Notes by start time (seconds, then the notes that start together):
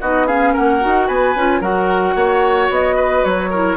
0.00 B3 D#4 F#4 D#5
0.27 C#4 G#4 F5
0.53 A#3 A#4 F#5
0.81 D#4 F#4
1.07 B3 B4 G#5
1.35 C#4 F4
1.60 F#3 F#4 A#4 F#5
2.15 A#3 C#5
2.69 B3 D#5
2.96 B4
3.24 F#3 C#5
3.50 E4 A#4